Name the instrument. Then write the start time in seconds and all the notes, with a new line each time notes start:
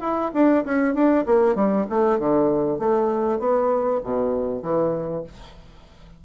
bassoon
0.00 E4
0.33 D4
0.64 C#4
0.94 D4
1.26 A#3
1.55 G3
1.90 A3
2.18 D3
2.78 A3
3.39 B3
4.03 B2
4.62 E3